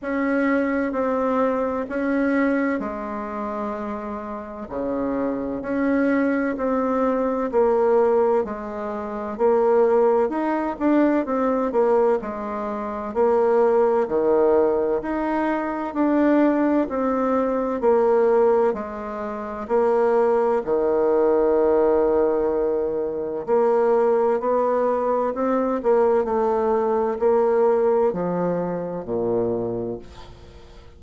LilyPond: \new Staff \with { instrumentName = "bassoon" } { \time 4/4 \tempo 4 = 64 cis'4 c'4 cis'4 gis4~ | gis4 cis4 cis'4 c'4 | ais4 gis4 ais4 dis'8 d'8 | c'8 ais8 gis4 ais4 dis4 |
dis'4 d'4 c'4 ais4 | gis4 ais4 dis2~ | dis4 ais4 b4 c'8 ais8 | a4 ais4 f4 ais,4 | }